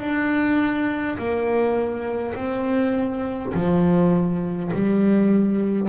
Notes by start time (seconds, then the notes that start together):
0.00 D4
1.18 A#3
2.35 C4
3.53 F3
4.73 G3